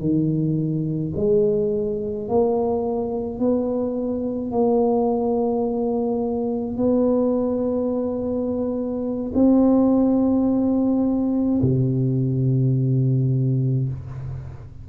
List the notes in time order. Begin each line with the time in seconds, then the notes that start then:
0.00 D#3
1.16 G#3
2.28 A#3
3.40 B3
4.51 A#3
6.77 B3
9.34 C4
11.62 C3